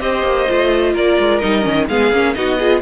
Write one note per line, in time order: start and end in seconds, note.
0.00 0.22 C4
0.00 0.47 G4
0.00 0.93 C5
0.00 0.94 D#5
0.22 0.46 A#3
0.48 0.94 A3
0.48 1.41 F4
0.93 1.18 A#3
0.93 1.87 A#4
0.93 1.39 D5
1.18 1.42 G#3
1.39 1.66 G3
1.39 1.62 D#4
1.39 1.86 D#5
1.62 1.89 D#3
1.62 1.86 C#4
1.88 2.12 G#3
1.88 2.12 B3
1.88 2.35 G#4
1.88 2.34 F5
2.12 2.35 A#3
2.12 2.35 C#4
2.34 2.81 B3
2.34 2.58 D#4
2.34 2.58 F#4
2.34 2.81 D#5
2.58 2.81 F4
2.58 2.81 G#4